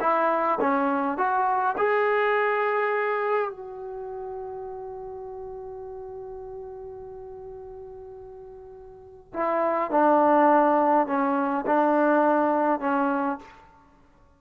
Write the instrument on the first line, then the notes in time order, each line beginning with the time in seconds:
trombone
0.00 E4
0.60 C#4
1.17 F#4
1.77 G#4
3.50 F#4
9.33 E4
9.91 D4
11.07 C#4
11.66 D4
12.80 C#4